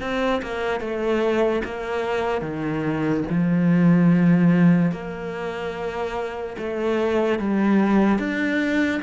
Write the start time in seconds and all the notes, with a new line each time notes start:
0.00 C4
0.42 A#3
0.80 A3
1.64 A#3
2.41 D#3
3.29 F3
4.91 A#3
6.57 A3
7.39 G3
8.18 D4